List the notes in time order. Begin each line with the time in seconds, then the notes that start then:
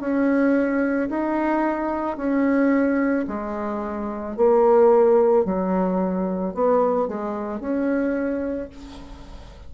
0.00 C#4
1.09 D#4
2.17 C#4
3.27 G#3
4.36 A#3
5.45 F#3
6.54 B3
7.08 G#3
7.60 C#4